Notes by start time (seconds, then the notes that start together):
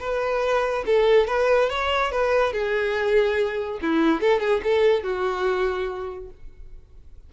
0.00 B4
0.86 A4
1.27 B4
1.70 C#5
2.12 B4
2.53 G#4
3.82 E4
4.21 A4
4.40 G#4
4.64 A4
5.03 F#4